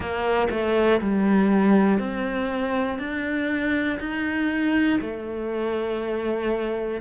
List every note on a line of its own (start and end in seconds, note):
0.00 0.48 A#3
0.50 1.00 A3
1.00 1.99 G3
1.99 2.98 C4
2.98 3.98 D4
3.99 4.99 D#4
5.00 7.00 A3